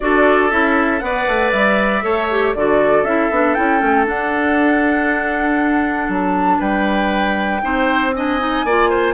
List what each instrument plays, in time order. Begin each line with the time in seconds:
0.00 bassoon D4, clarinet F#4, oboe A4, flute D5
0.50 bassoon C#4, clarinet E4, flute E5
0.99 bassoon B3, clarinet B4, oboe D5, flute F#5
1.27 bassoon A3
1.50 bassoon G3, flute E5
2.02 bassoon A3, clarinet A4, oboe C#5
2.30 clarinet G4
2.54 bassoon D3, clarinet F#4, oboe A4, flute D5
3.02 bassoon C#4, clarinet E4, flute E5
3.30 bassoon B3, clarinet D4
3.54 bassoon C#4, clarinet E4, flute G5
3.79 bassoon A3, clarinet C#4
4.04 clarinet D4, bassoon D4, flute F#5
6.08 bassoon F#3, flute A5
6.59 bassoon G3, oboe B4, flute G5
7.61 bassoon C4, clarinet D#4, oboe C5
8.14 clarinet D4, oboe D#5, flute G#5
8.39 clarinet D#4
8.64 bassoon A#3, clarinet F4, oboe D5
8.89 oboe C5